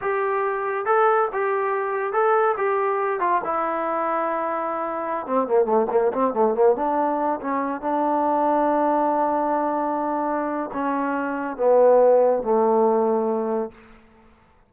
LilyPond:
\new Staff \with { instrumentName = "trombone" } { \time 4/4 \tempo 4 = 140 g'2 a'4 g'4~ | g'4 a'4 g'4. f'8 | e'1~ | e'16 c'8 ais8 a8 ais8 c'8 a8 ais8 d'16~ |
d'4~ d'16 cis'4 d'4.~ d'16~ | d'1~ | d'4 cis'2 b4~ | b4 a2. | }